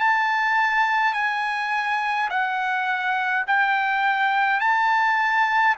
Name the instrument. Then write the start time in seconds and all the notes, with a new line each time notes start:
trumpet
0.00 A5
1.14 G#5
2.30 F#5
3.47 G5
4.60 A5